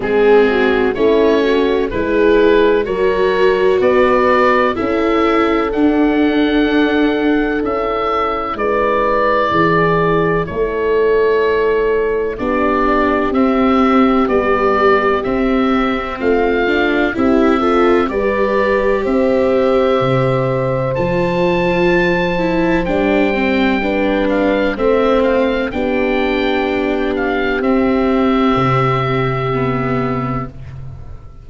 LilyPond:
<<
  \new Staff \with { instrumentName = "oboe" } { \time 4/4 \tempo 4 = 63 gis'4 cis''4 b'4 cis''4 | d''4 e''4 fis''2 | e''4 d''2 cis''4~ | cis''4 d''4 e''4 d''4 |
e''4 f''4 e''4 d''4 | e''2 a''2 | g''4. f''8 e''8 f''8 g''4~ | g''8 f''8 e''2. | }
  \new Staff \with { instrumentName = "horn" } { \time 4/4 gis'8 fis'8 e'8 fis'8 gis'4 ais'4 | b'4 a'2.~ | a'4 b'4 gis'4 a'4~ | a'4 g'2.~ |
g'4 f'4 g'8 a'8 b'4 | c''1~ | c''4 b'4 c''4 g'4~ | g'1 | }
  \new Staff \with { instrumentName = "viola" } { \time 4/4 c'4 cis'4 e'4 fis'4~ | fis'4 e'4 d'2 | e'1~ | e'4 d'4 c'4 g4 |
c'4. d'8 e'8 f'8 g'4~ | g'2 f'4. e'8 | d'8 c'8 d'4 c'4 d'4~ | d'4 c'2 b4 | }
  \new Staff \with { instrumentName = "tuba" } { \time 4/4 gis4 a4 gis4 fis4 | b4 cis'4 d'2 | cis'4 gis4 e4 a4~ | a4 b4 c'4 b4 |
c'4 a4 c'4 g4 | c'4 c4 f2 | g2 a4 b4~ | b4 c'4 c2 | }
>>